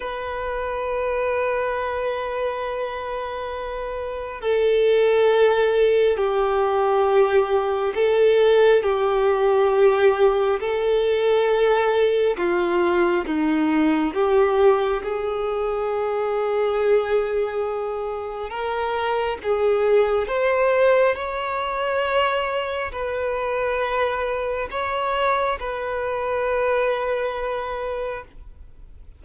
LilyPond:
\new Staff \with { instrumentName = "violin" } { \time 4/4 \tempo 4 = 68 b'1~ | b'4 a'2 g'4~ | g'4 a'4 g'2 | a'2 f'4 dis'4 |
g'4 gis'2.~ | gis'4 ais'4 gis'4 c''4 | cis''2 b'2 | cis''4 b'2. | }